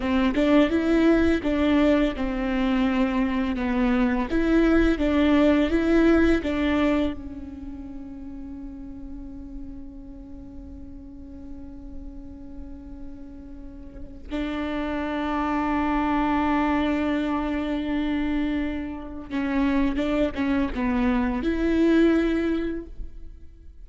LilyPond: \new Staff \with { instrumentName = "viola" } { \time 4/4 \tempo 4 = 84 c'8 d'8 e'4 d'4 c'4~ | c'4 b4 e'4 d'4 | e'4 d'4 cis'2~ | cis'1~ |
cis'1 | d'1~ | d'2. cis'4 | d'8 cis'8 b4 e'2 | }